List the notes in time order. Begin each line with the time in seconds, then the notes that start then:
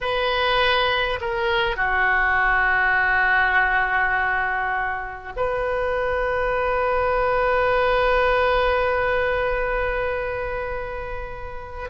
0.00 B4
1.20 A#4
1.76 F#4
5.36 B4